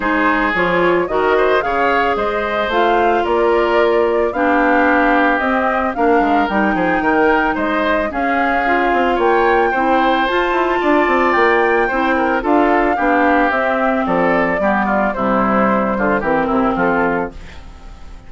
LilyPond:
<<
  \new Staff \with { instrumentName = "flute" } { \time 4/4 \tempo 4 = 111 c''4 cis''4 dis''4 f''4 | dis''4 f''4 d''2 | f''2 dis''4 f''4 | g''2 dis''4 f''4~ |
f''4 g''2 a''4~ | a''4 g''2 f''4~ | f''4 e''4 d''2 | c''2 ais'4 a'4 | }
  \new Staff \with { instrumentName = "oboe" } { \time 4/4 gis'2 ais'8 c''8 cis''4 | c''2 ais'2 | g'2. ais'4~ | ais'8 gis'8 ais'4 c''4 gis'4~ |
gis'4 cis''4 c''2 | d''2 c''8 ais'8 a'4 | g'2 a'4 g'8 f'8 | e'4. f'8 g'8 e'8 f'4 | }
  \new Staff \with { instrumentName = "clarinet" } { \time 4/4 dis'4 f'4 fis'4 gis'4~ | gis'4 f'2. | d'2 c'4 d'4 | dis'2. cis'4 |
f'2 e'4 f'4~ | f'2 e'4 f'4 | d'4 c'2 b4 | g2 c'2 | }
  \new Staff \with { instrumentName = "bassoon" } { \time 4/4 gis4 f4 dis4 cis4 | gis4 a4 ais2 | b2 c'4 ais8 gis8 | g8 f8 dis4 gis4 cis'4~ |
cis'8 c'8 ais4 c'4 f'8 e'8 | d'8 c'8 ais4 c'4 d'4 | b4 c'4 f4 g4 | c4. d8 e8 c8 f4 | }
>>